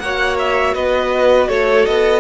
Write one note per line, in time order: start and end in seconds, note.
0.00 0.75 A#3
0.00 2.21 F#4
0.00 0.75 C#5
0.00 0.37 F#5
0.39 0.75 E5
0.75 1.49 B3
0.75 1.49 B4
0.75 1.49 D#5
1.49 1.87 A3
1.49 2.21 A4
1.49 1.86 C#5
1.86 2.21 B3
1.86 2.21 D#5